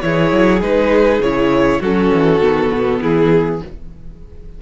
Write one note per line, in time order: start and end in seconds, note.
0.00 0.32 E3
0.00 0.61 E4
0.00 1.79 G#4
0.00 0.60 C#5
0.32 0.61 F#3
0.61 1.19 G#3
0.61 1.21 D#4
0.61 1.22 B4
1.19 1.79 C#3
1.19 1.83 E4
1.19 1.82 C#5
1.79 2.11 F#3
1.79 2.41 C#4
1.79 2.99 F#4
1.79 3.02 A4
2.12 2.40 E3
2.40 2.70 D#3
2.40 3.61 B3
2.72 3.01 B2
3.00 3.61 E3
3.00 3.60 E4
3.00 3.62 G#4